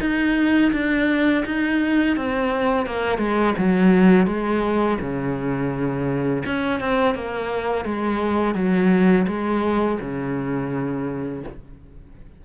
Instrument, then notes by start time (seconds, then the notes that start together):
cello
0.00 D#4
0.72 D4
1.45 D#4
2.17 C4
2.86 A#3
3.18 G#3
3.57 F#3
4.26 G#3
5.00 C#3
6.46 C#4
6.80 C4
7.15 A#3
7.85 G#3
8.55 F#3
9.27 G#3
10.00 C#3